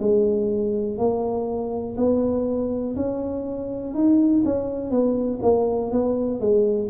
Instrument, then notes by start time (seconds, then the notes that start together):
tuba
0.00 G#3
0.98 A#3
1.98 B3
2.96 C#4
3.94 D#4
4.45 C#4
4.91 B3
5.42 A#3
5.92 B3
6.41 G#3